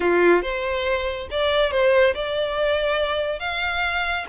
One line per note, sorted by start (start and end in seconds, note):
0.00 0.42 F4
0.42 1.27 C5
1.31 1.71 D5
1.71 2.14 C5
2.14 3.39 D5
3.39 4.25 F5